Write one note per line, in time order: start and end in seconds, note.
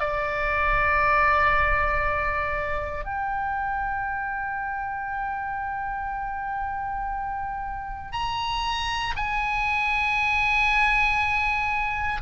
0.00 3.05 D5
3.05 8.12 G5
8.12 9.14 A#5
9.16 12.21 G#5